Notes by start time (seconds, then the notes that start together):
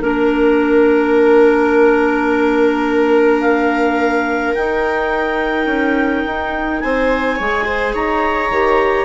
0.00 A#3 D4 A#4
3.41 F5
4.54 D#4 G5
5.65 C#4
6.25 D#4
6.80 C4 C5 G#5
7.36 G#3 G#4 C#5
7.65 C5
7.93 D#4 C#5 A#5
8.49 D#3 G4